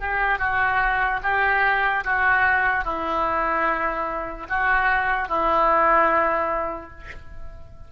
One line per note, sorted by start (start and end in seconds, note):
0.00 0.39 G4
0.39 1.20 F#4
1.23 2.04 G4
2.05 2.85 F#4
2.85 4.47 E4
4.49 5.29 F#4
5.29 6.91 E4